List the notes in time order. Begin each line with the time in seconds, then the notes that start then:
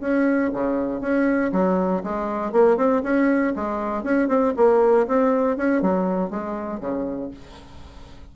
0.00 C#4
0.53 C#3
1.01 C#4
1.52 F#3
2.03 G#3
2.52 A#3
2.77 C4
3.03 C#4
3.56 G#3
4.03 C#4
4.28 C4
4.57 A#3
5.07 C4
5.57 C#4
5.82 F#3
6.30 G#3
6.80 C#3